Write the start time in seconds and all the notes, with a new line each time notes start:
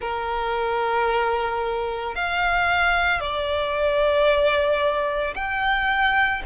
0.01 A#4
2.15 F5
3.20 D5
5.35 G5